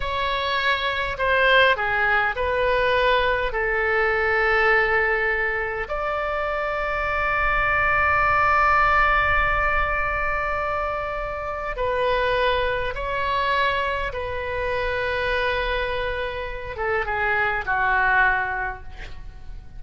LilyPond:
\new Staff \with { instrumentName = "oboe" } { \time 4/4 \tempo 4 = 102 cis''2 c''4 gis'4 | b'2 a'2~ | a'2 d''2~ | d''1~ |
d''1 | b'2 cis''2 | b'1~ | b'8 a'8 gis'4 fis'2 | }